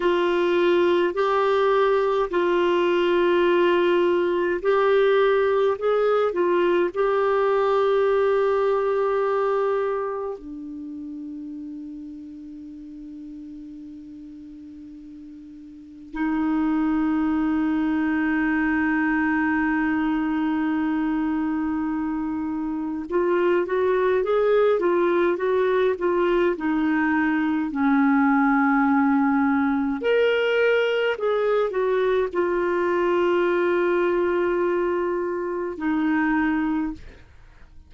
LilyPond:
\new Staff \with { instrumentName = "clarinet" } { \time 4/4 \tempo 4 = 52 f'4 g'4 f'2 | g'4 gis'8 f'8 g'2~ | g'4 d'2.~ | d'2 dis'2~ |
dis'1 | f'8 fis'8 gis'8 f'8 fis'8 f'8 dis'4 | cis'2 ais'4 gis'8 fis'8 | f'2. dis'4 | }